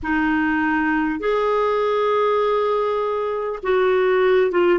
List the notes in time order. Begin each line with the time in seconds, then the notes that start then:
0.02 D#4
1.19 G#4
3.63 F#4
4.51 F4